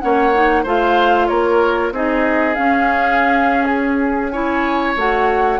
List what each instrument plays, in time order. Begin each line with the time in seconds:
0.00 bassoon A#3, clarinet C#4, oboe C#5, flute F#5
0.34 clarinet D#4
0.64 bassoon A3, clarinet F4, oboe C5, flute F5
1.28 bassoon A#3, oboe A#4, flute C#5
1.92 bassoon C4, clarinet D#4, oboe G#4, flute D#5
2.55 clarinet C#4, bassoon C#4, flute F5
3.64 flute G#4
4.30 clarinet E4, oboe C#5, flute G#5
4.97 bassoon A3, clarinet F#4, flute F#5